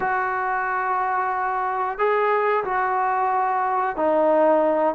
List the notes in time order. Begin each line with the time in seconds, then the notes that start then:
0.00 F#4
1.98 G#4
2.64 F#4
3.96 D#4